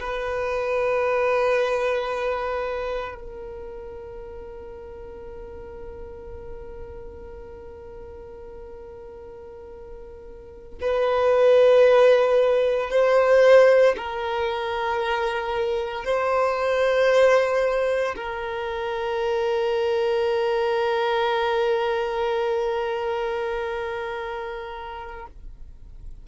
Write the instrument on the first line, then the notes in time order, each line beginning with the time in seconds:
violin
0.00 B4
3.15 A#4
10.81 B4
12.90 C5
13.97 A#4
16.05 C5
18.16 A#4